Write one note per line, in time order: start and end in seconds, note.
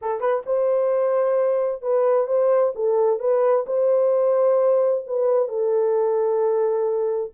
0.01 0.20 A4
0.20 0.43 B4
0.46 1.82 C5
1.82 2.27 B4
2.27 2.73 C5
2.75 3.19 A4
3.19 3.65 B4
3.66 5.04 C5
5.07 5.48 B4
5.48 7.31 A4